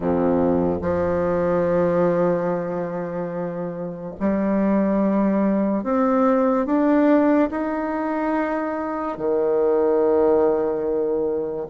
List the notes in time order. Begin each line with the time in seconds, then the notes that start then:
0.00 F2
0.81 F3
4.19 G3
5.83 C4
6.66 D4
7.50 D#4
9.17 D#3